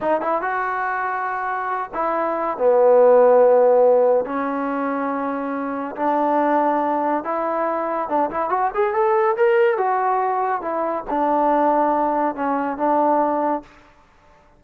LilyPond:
\new Staff \with { instrumentName = "trombone" } { \time 4/4 \tempo 4 = 141 dis'8 e'8 fis'2.~ | fis'8 e'4. b2~ | b2 cis'2~ | cis'2 d'2~ |
d'4 e'2 d'8 e'8 | fis'8 gis'8 a'4 ais'4 fis'4~ | fis'4 e'4 d'2~ | d'4 cis'4 d'2 | }